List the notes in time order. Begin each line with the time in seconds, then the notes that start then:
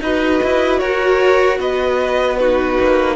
0.00 D#4 F#4 B4 D#5
0.43 E4
0.78 F#4 A#4 C#5
1.58 B3 B4 D#5
2.37 D#4 F#4 B4
2.80 A#3